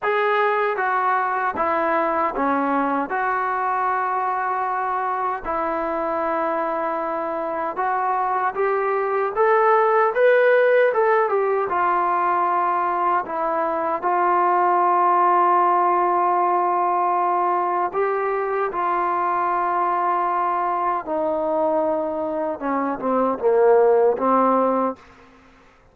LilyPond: \new Staff \with { instrumentName = "trombone" } { \time 4/4 \tempo 4 = 77 gis'4 fis'4 e'4 cis'4 | fis'2. e'4~ | e'2 fis'4 g'4 | a'4 b'4 a'8 g'8 f'4~ |
f'4 e'4 f'2~ | f'2. g'4 | f'2. dis'4~ | dis'4 cis'8 c'8 ais4 c'4 | }